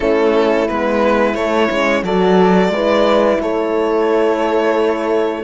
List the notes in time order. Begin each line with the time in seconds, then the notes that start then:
0.00 A3 C#4 E4 A4
0.68 G#3 B3 B4
1.34 A3 C#5
1.71 G#3 C#4
2.02 F#3 F#4 A4 D5
2.68 G#3 E4 B4
3.40 A3 A4 C#5